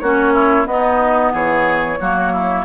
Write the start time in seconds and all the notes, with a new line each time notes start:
0.00 A#3 C#4 F#4 C#5
0.34 E4
0.65 B3 D#5
0.72 D#4
1.33 E3 G#4 C#5
2.01 F#3 A#3 F#4
2.33 E4